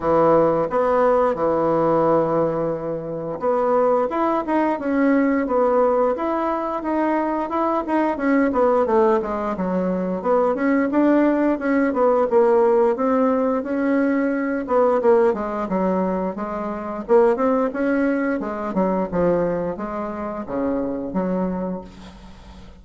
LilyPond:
\new Staff \with { instrumentName = "bassoon" } { \time 4/4 \tempo 4 = 88 e4 b4 e2~ | e4 b4 e'8 dis'8 cis'4 | b4 e'4 dis'4 e'8 dis'8 | cis'8 b8 a8 gis8 fis4 b8 cis'8 |
d'4 cis'8 b8 ais4 c'4 | cis'4. b8 ais8 gis8 fis4 | gis4 ais8 c'8 cis'4 gis8 fis8 | f4 gis4 cis4 fis4 | }